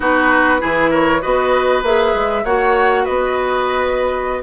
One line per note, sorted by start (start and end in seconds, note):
0.00 0.61 B3
0.00 0.59 D#4
0.00 0.60 F#4
0.00 0.93 B4
0.59 1.24 E3
0.59 1.20 E4
0.59 0.90 G#4
0.90 1.21 A#4
0.90 1.21 C#5
1.21 1.82 B3
1.21 1.82 F#4
1.21 2.44 B4
1.21 1.82 D#5
1.82 2.13 A#3
1.82 2.45 G#4
1.82 2.44 E5
2.14 2.44 G#3
2.44 3.05 A#3
2.44 4.42 F#4
2.44 3.03 C#5
2.44 3.05 F#5
3.03 4.42 B3
3.03 4.41 B4
3.03 4.42 D#5